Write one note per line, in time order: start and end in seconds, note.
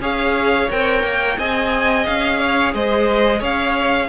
0.00 0.68 C#4
0.00 0.69 G#4
0.00 1.38 C#5
0.00 0.71 F5
0.70 1.03 C4
0.70 1.38 A#4
0.70 1.39 G5
1.03 1.37 A#3
1.38 2.07 C4
1.38 4.10 G#4
1.38 2.40 D#5
1.38 2.06 G#5
2.06 2.74 C#4
2.06 2.74 F5
2.40 2.74 C#5
2.74 3.42 G#3
2.74 3.39 C5
2.74 3.43 D#5
3.39 4.10 C#4
3.39 4.07 C#5
3.39 4.10 F5